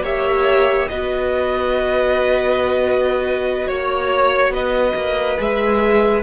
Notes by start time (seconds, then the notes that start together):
0.00 A#3 G4 C#5 E5
0.88 B3 F#4 B4 D#5
3.67 A#3 C#5
4.49 B3 B4 D#5
4.95 A#3
5.37 G#3 G#4 E5